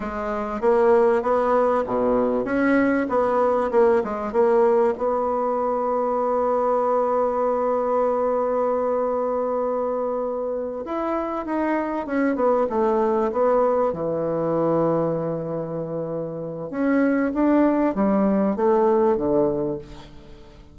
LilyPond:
\new Staff \with { instrumentName = "bassoon" } { \time 4/4 \tempo 4 = 97 gis4 ais4 b4 b,4 | cis'4 b4 ais8 gis8 ais4 | b1~ | b1~ |
b4. e'4 dis'4 cis'8 | b8 a4 b4 e4.~ | e2. cis'4 | d'4 g4 a4 d4 | }